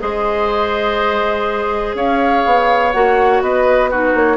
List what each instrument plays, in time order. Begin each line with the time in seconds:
0.00 bassoon G#3, clarinet G#4, oboe C5, flute D#5
1.94 bassoon C#4, oboe C#5, flute F5
2.45 bassoon B3
2.92 bassoon A#3, clarinet F#4, flute F#5
3.41 bassoon B3, oboe B4, flute D#5
3.90 clarinet D#4, oboe F#4, flute B4
4.14 bassoon A#3, flute C#5